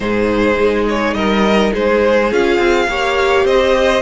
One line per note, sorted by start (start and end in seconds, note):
0.00 0.57 G#2
0.00 2.29 D#4
0.00 1.16 G#4
0.00 0.86 C5
0.58 1.13 G#3
0.88 1.13 C#5
1.13 1.71 G3
1.13 1.73 A#4
1.13 1.71 D#5
1.73 2.31 G#3
1.73 2.88 G#4
1.73 2.32 C5
2.31 2.58 C#4
2.31 2.88 F4
2.31 3.46 F5
2.58 2.86 C4
2.88 3.44 A#3
2.88 4.02 G4
2.88 3.45 C#5
3.44 4.02 C4
3.44 4.02 C5
3.44 4.02 D#5